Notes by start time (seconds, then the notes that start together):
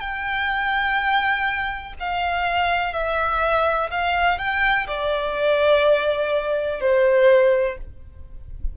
0.00 G5
2.00 F5
2.93 E5
3.91 F5
4.39 G5
4.87 D5
6.80 C5